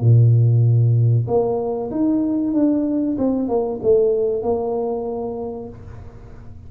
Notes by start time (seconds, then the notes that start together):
0.00 A#2
1.27 A#3
1.91 D#4
2.53 D4
3.18 C4
3.48 A#3
3.82 A3
4.42 A#3